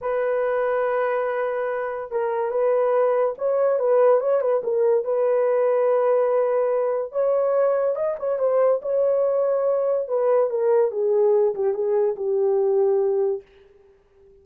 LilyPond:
\new Staff \with { instrumentName = "horn" } { \time 4/4 \tempo 4 = 143 b'1~ | b'4 ais'4 b'2 | cis''4 b'4 cis''8 b'8 ais'4 | b'1~ |
b'4 cis''2 dis''8 cis''8 | c''4 cis''2. | b'4 ais'4 gis'4. g'8 | gis'4 g'2. | }